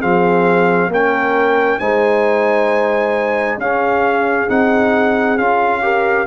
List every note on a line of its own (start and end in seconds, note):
0.00 0.88 F3
0.00 0.90 C4
0.00 0.90 G#4
0.00 0.91 F5
0.88 1.77 A#3
0.88 1.81 C#4
0.88 1.80 A#4
0.88 1.79 G5
1.79 3.57 G#3
1.79 3.60 D#4
1.79 3.59 C5
1.79 3.58 G#5
3.57 4.47 C#4
3.57 4.48 C#4
3.57 5.83 G#4
3.57 4.49 F5
4.48 5.38 C4
4.48 5.38 D#4
4.48 5.38 F#5
5.38 6.26 C#4
5.38 5.82 F4
5.38 6.26 F5
5.82 6.26 G4
5.82 6.26 A#4